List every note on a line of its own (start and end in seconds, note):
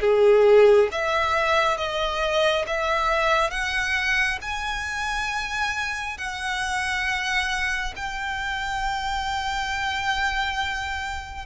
0.00 0.88 G#4
0.91 1.76 E5
1.76 2.65 D#5
2.67 3.50 E5
3.50 4.38 F#5
4.41 6.17 G#5
6.17 7.94 F#5
7.95 11.45 G5